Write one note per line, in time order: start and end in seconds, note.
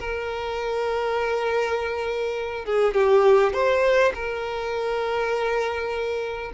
0.00 2.66 A#4
2.66 2.95 G#4
2.95 3.53 G4
3.53 4.13 C5
4.15 6.52 A#4